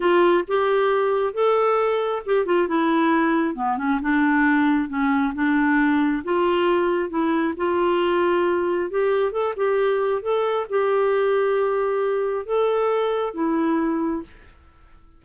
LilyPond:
\new Staff \with { instrumentName = "clarinet" } { \time 4/4 \tempo 4 = 135 f'4 g'2 a'4~ | a'4 g'8 f'8 e'2 | b8 cis'8 d'2 cis'4 | d'2 f'2 |
e'4 f'2. | g'4 a'8 g'4. a'4 | g'1 | a'2 e'2 | }